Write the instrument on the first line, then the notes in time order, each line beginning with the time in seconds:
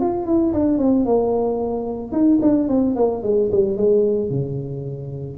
tuba
0.00 F4
0.26 E4
0.53 D4
0.78 C4
1.05 A#3
2.12 D#4
2.42 D4
2.68 C4
2.95 A#3
3.23 G#3
3.51 G3
3.77 G#3
4.30 C#3